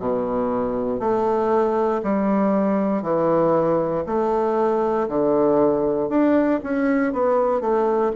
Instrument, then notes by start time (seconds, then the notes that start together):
bassoon
0.00 B2
1.00 A3
2.04 G3
3.03 E3
4.07 A3
5.09 D3
6.10 D4
6.64 C#4
7.13 B3
7.61 A3